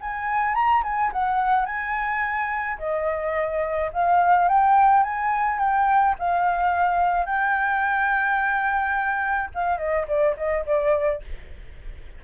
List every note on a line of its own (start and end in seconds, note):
0.00 0.54 G#5
0.54 0.82 A#5
0.83 1.11 G#5
1.12 1.65 F#5
1.65 2.78 G#5
2.78 3.90 D#5
3.93 4.48 F5
4.48 5.03 G5
5.03 5.59 G#5
5.59 6.15 G5
6.19 7.25 F5
7.25 9.50 G5
9.54 9.77 F5
9.77 10.06 D#5
10.07 10.35 D5
10.36 10.64 D#5
10.66 11.22 D5